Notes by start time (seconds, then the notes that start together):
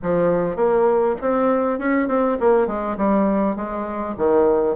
0.02 F3
0.56 A#3
1.21 C4
1.78 C#4
2.08 C4
2.40 A#3
2.67 G#3
2.97 G3
3.55 G#3
4.17 D#3